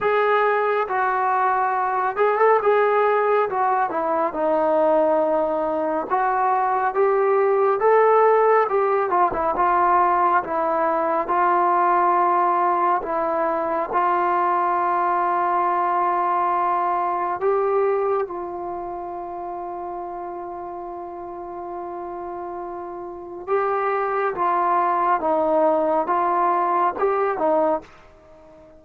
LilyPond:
\new Staff \with { instrumentName = "trombone" } { \time 4/4 \tempo 4 = 69 gis'4 fis'4. gis'16 a'16 gis'4 | fis'8 e'8 dis'2 fis'4 | g'4 a'4 g'8 f'16 e'16 f'4 | e'4 f'2 e'4 |
f'1 | g'4 f'2.~ | f'2. g'4 | f'4 dis'4 f'4 g'8 dis'8 | }